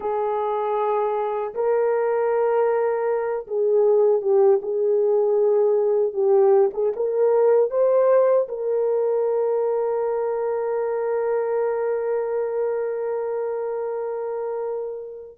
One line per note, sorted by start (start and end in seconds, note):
0.00 1.54 G#4
1.54 3.46 A#4
3.47 4.21 G#4
4.21 4.60 G4
4.62 6.13 G#4
6.13 6.70 G4
6.73 6.93 G#4
6.96 7.70 A#4
7.70 8.47 C5
8.48 15.37 A#4